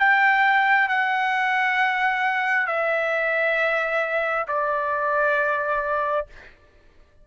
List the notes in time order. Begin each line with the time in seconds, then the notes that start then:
0.00 G5
0.89 F#5
2.67 E5
4.48 D5